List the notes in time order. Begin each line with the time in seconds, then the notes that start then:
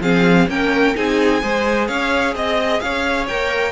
0.00 F3 C4 G#4 F5
0.48 A#3 C#4 A#4 G5
0.95 C4 D#4 G#4 G#5
1.42 G#3 G#4 C5
1.87 C#4 C#5 F5
2.35 C4 D#5
2.80 C#4 C#5 F5
3.27 A#3 A#4 G5